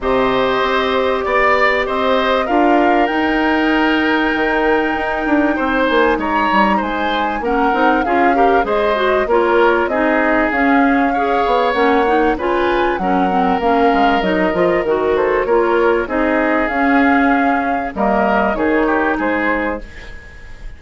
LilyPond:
<<
  \new Staff \with { instrumentName = "flute" } { \time 4/4 \tempo 4 = 97 dis''2 d''4 dis''4 | f''4 g''2.~ | g''4. gis''8 ais''4 gis''4 | fis''4 f''4 dis''4 cis''4 |
dis''4 f''2 fis''4 | gis''4 fis''4 f''4 dis''4 | ais'8 c''8 cis''4 dis''4 f''4~ | f''4 dis''4 cis''4 c''4 | }
  \new Staff \with { instrumentName = "oboe" } { \time 4/4 c''2 d''4 c''4 | ais'1~ | ais'4 c''4 cis''4 c''4 | ais'4 gis'8 ais'8 c''4 ais'4 |
gis'2 cis''2 | b'4 ais'2.~ | ais'8 a'8 ais'4 gis'2~ | gis'4 ais'4 gis'8 g'8 gis'4 | }
  \new Staff \with { instrumentName = "clarinet" } { \time 4/4 g'1 | f'4 dis'2.~ | dis'1 | cis'8 dis'8 f'8 g'8 gis'8 fis'8 f'4 |
dis'4 cis'4 gis'4 cis'8 dis'8 | f'4 cis'8 c'8 cis'4 dis'8 f'8 | fis'4 f'4 dis'4 cis'4~ | cis'4 ais4 dis'2 | }
  \new Staff \with { instrumentName = "bassoon" } { \time 4/4 c4 c'4 b4 c'4 | d'4 dis'2 dis4 | dis'8 d'8 c'8 ais8 gis8 g8 gis4 | ais8 c'8 cis'4 gis4 ais4 |
c'4 cis'4. b8 ais4 | cis4 fis4 ais8 gis8 fis8 f8 | dis4 ais4 c'4 cis'4~ | cis'4 g4 dis4 gis4 | }
>>